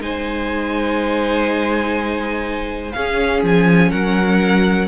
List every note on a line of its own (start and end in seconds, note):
0.00 2.93 G#3
0.00 2.94 D#4
0.00 2.96 C5
0.00 2.92 G#5
2.92 4.88 C#4
2.92 3.43 C#4
2.92 3.91 G#4
2.92 3.41 F5
3.43 3.92 F3
3.43 3.92 G#5
3.91 4.88 F#3
3.91 4.88 A#4
3.91 4.88 F#5